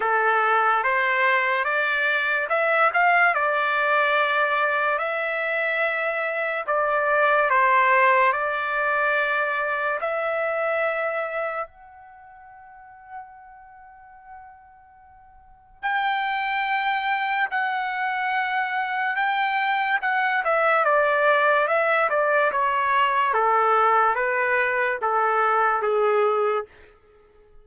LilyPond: \new Staff \with { instrumentName = "trumpet" } { \time 4/4 \tempo 4 = 72 a'4 c''4 d''4 e''8 f''8 | d''2 e''2 | d''4 c''4 d''2 | e''2 fis''2~ |
fis''2. g''4~ | g''4 fis''2 g''4 | fis''8 e''8 d''4 e''8 d''8 cis''4 | a'4 b'4 a'4 gis'4 | }